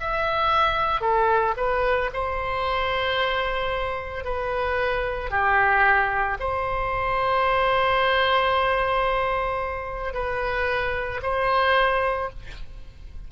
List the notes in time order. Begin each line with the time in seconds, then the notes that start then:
0.00 E5
1.01 A4
1.57 B4
2.13 C5
4.24 B4
5.30 G4
6.39 C5
10.13 B4
11.22 C5